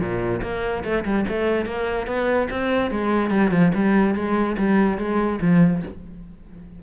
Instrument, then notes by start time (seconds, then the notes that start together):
cello
0.00 A#2
0.43 A#3
0.84 A3
1.05 G3
1.28 A3
1.66 A#3
2.07 B3
2.50 C4
2.91 G#3
3.31 G3
3.51 F3
3.75 G3
4.15 G#3
4.58 G3
4.98 G#3
5.41 F3